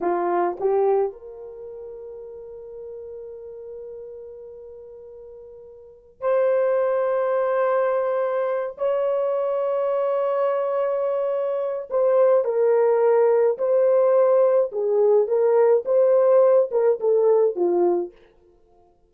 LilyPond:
\new Staff \with { instrumentName = "horn" } { \time 4/4 \tempo 4 = 106 f'4 g'4 ais'2~ | ais'1~ | ais'2. c''4~ | c''2.~ c''8 cis''8~ |
cis''1~ | cis''4 c''4 ais'2 | c''2 gis'4 ais'4 | c''4. ais'8 a'4 f'4 | }